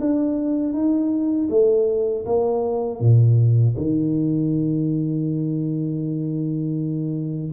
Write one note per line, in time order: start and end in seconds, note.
0.00 0.73 D4
0.73 1.48 D#4
1.50 2.25 A3
2.25 3.00 A#3
3.00 3.75 A#2
3.77 7.52 D#3